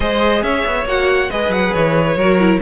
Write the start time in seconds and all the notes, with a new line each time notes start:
0.00 G#3 G#4 C5 D#5
0.42 C#4 C#5 E5
0.65 B3
0.85 A#3 F#4 F#5
1.30 G#3 G#4 B4 D#5
1.49 F#3 F#5
1.73 E3 C#5
2.16 F#3 F#4 A#4
2.39 E4